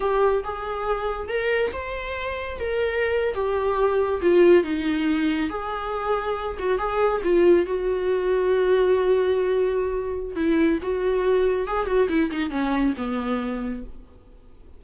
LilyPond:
\new Staff \with { instrumentName = "viola" } { \time 4/4 \tempo 4 = 139 g'4 gis'2 ais'4 | c''2 ais'4.~ ais'16 g'16~ | g'4.~ g'16 f'4 dis'4~ dis'16~ | dis'8. gis'2~ gis'8 fis'8 gis'16~ |
gis'8. f'4 fis'2~ fis'16~ | fis'1 | e'4 fis'2 gis'8 fis'8 | e'8 dis'8 cis'4 b2 | }